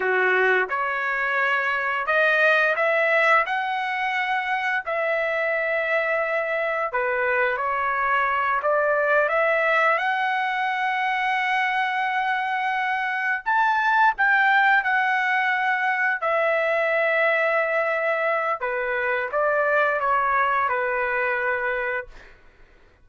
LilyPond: \new Staff \with { instrumentName = "trumpet" } { \time 4/4 \tempo 4 = 87 fis'4 cis''2 dis''4 | e''4 fis''2 e''4~ | e''2 b'4 cis''4~ | cis''8 d''4 e''4 fis''4.~ |
fis''2.~ fis''8 a''8~ | a''8 g''4 fis''2 e''8~ | e''2. b'4 | d''4 cis''4 b'2 | }